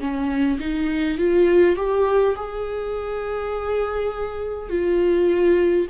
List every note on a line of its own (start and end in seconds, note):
0.00 0.59 C#4
0.60 1.19 D#4
1.19 1.76 F4
1.76 2.35 G4
2.36 4.70 G#4
4.70 5.87 F4